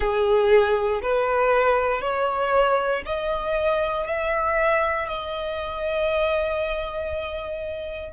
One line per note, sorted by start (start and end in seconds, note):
0.00 1.00 G#4
1.02 2.01 B4
2.01 3.02 C#5
3.05 4.07 D#5
4.07 5.08 E5
5.08 8.12 D#5